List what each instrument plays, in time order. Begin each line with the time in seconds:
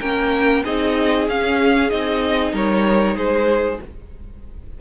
0.00 cello A#3, viola C#4, violin A#4 G5
0.64 cello C4, viola D#4, violin G#4 D#5
1.28 cello C#4, viola C#4, violin F5
1.90 cello C4, viola D#4, violin D#5
2.52 cello G3, violin A#4 C#5
3.15 cello G#3, violin G#4 C5